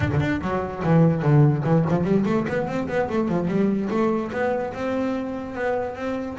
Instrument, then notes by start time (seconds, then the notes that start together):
double bass
0.00 D4
0.12 D3
0.20 D4
0.41 F#3
0.83 E3
1.22 D3
1.64 E3
1.89 F3
2.03 G3
2.25 A3
2.48 B3
2.67 C4
2.88 B3
3.09 A3
3.28 F3
3.47 G3
3.89 A3
4.32 B3
4.73 C4
5.54 B3
5.95 C4